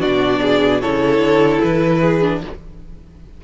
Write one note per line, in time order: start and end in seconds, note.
0.00 0.83 B2
0.00 0.81 D4
0.00 0.40 F#4
0.00 0.81 D5
0.41 0.81 G#4
0.81 1.19 C#3
0.81 2.22 E4
0.81 2.00 A4
0.81 1.61 C#5
1.19 1.59 D3
1.62 2.44 E3
1.62 2.42 B4
2.00 2.40 G#4
2.22 2.42 D4